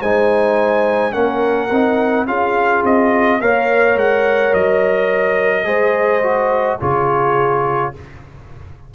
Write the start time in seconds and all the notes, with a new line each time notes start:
0.00 G#3 D#4 C5 G#5
1.12 A#3 C#4 A#4 F#5
1.71 C4 D#4
2.26 C#4 F4 G#4 F5
2.83 C4 D#5
3.40 A#3 A#4 C#5 F5
3.95 G#3 F#5
4.53 F#3 D#5
5.64 G#3 G#4 C5
6.22 F#4
6.80 C#3 F4 G#4 C#5